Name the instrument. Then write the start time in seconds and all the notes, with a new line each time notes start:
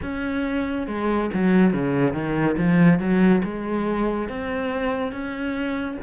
cello
0.02 C#4
0.87 G#3
1.33 F#3
1.73 C#3
2.13 D#3
2.57 F3
2.99 F#3
3.44 G#3
4.29 C4
5.12 C#4